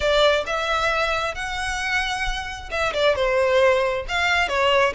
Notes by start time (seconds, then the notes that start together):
0.00 D5
0.46 E5
1.34 F#5
2.70 E5
2.93 D5
3.15 C5
4.08 F5
4.48 C#5